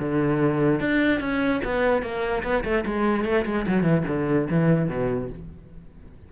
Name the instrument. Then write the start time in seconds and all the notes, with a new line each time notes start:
cello
0.00 D3
0.81 D4
1.21 C#4
1.65 B3
2.03 A#3
2.44 B3
2.65 A3
2.86 G#3
3.25 A3
3.46 G#3
3.68 F#3
3.84 E3
4.08 D3
4.51 E3
4.89 B2